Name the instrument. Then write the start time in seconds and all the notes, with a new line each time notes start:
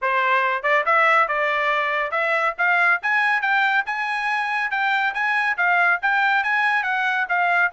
trumpet
0.01 C5
0.63 D5
0.85 E5
1.28 D5
2.11 E5
2.58 F5
3.02 G#5
3.41 G5
3.86 G#5
4.70 G5
5.14 G#5
5.57 F5
6.02 G5
6.43 G#5
6.83 F#5
7.28 F5